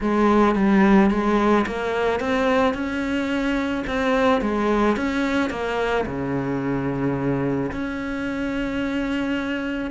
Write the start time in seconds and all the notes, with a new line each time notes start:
0.01 G#3
0.55 G3
1.10 G#3
1.66 A#3
2.20 C4
2.74 C#4
3.87 C4
4.41 G#3
4.96 C#4
5.50 A#3
6.06 C#3
7.71 C#4